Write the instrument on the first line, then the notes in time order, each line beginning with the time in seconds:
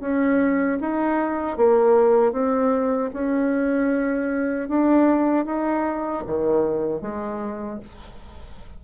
bassoon
0.00 C#4
0.80 D#4
1.57 A#3
2.32 C4
3.13 C#4
4.68 D4
5.45 D#4
6.26 D#3
7.01 G#3